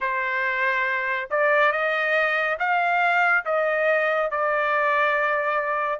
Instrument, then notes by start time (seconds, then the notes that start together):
trumpet
0.00 C5
1.30 D5
1.71 D#5
2.59 F5
3.45 D#5
4.31 D5